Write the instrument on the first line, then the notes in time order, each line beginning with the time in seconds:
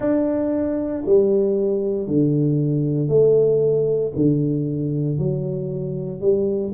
tuba
0.00 D4
1.05 G3
2.07 D3
3.08 A3
4.15 D3
5.18 F#3
6.21 G3